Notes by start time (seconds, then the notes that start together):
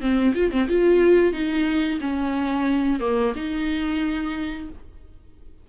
0.00 C4
0.35 F4
0.51 C4
0.68 F4
1.32 D#4
2.01 C#4
3.00 A#3
3.35 D#4